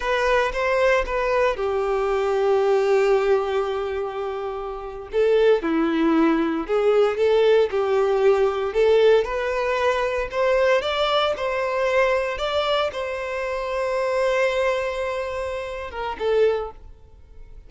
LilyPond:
\new Staff \with { instrumentName = "violin" } { \time 4/4 \tempo 4 = 115 b'4 c''4 b'4 g'4~ | g'1~ | g'4.~ g'16 a'4 e'4~ e'16~ | e'8. gis'4 a'4 g'4~ g'16~ |
g'8. a'4 b'2 c''16~ | c''8. d''4 c''2 d''16~ | d''8. c''2.~ c''16~ | c''2~ c''8 ais'8 a'4 | }